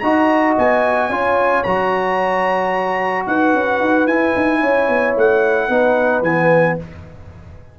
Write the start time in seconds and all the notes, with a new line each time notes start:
0.00 D#4 F#4 D#5 A#5
0.58 B3 G#5
1.09 C#4 F4 C#5
1.63 F#3 F#4 A#5
3.26 D#4 B4 F#5
3.54 C#4
3.80 D#4
4.07 E4 G#5
4.36 D#4
4.61 C#4 C#5
4.89 B3
5.17 A3 F#5
5.68 B3 D#4 B4
6.22 E3 B3 G#5